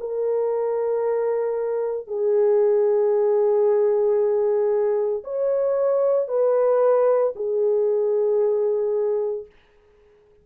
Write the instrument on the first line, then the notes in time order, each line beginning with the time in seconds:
horn
0.00 A#4
2.08 G#4
5.24 C#5
6.28 B4
7.36 G#4